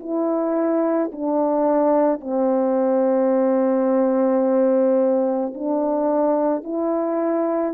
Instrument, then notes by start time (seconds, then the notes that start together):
horn
0.00 E4
1.12 D4
2.20 C4
5.54 D4
6.64 E4